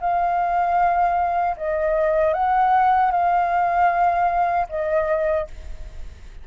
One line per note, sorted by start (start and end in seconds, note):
0.00 1.56 F5
1.56 2.33 D#5
2.33 3.11 F#5
3.11 4.66 F5
4.69 5.47 D#5